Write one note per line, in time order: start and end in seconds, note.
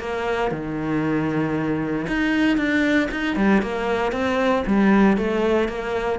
0.00 0.51 A#3
0.51 2.07 D#3
2.08 2.57 D#4
2.57 3.09 D4
3.12 3.36 D#4
3.36 3.62 G3
3.62 4.12 A#3
4.12 4.64 C4
4.67 5.17 G3
5.17 5.69 A3
5.69 6.19 A#3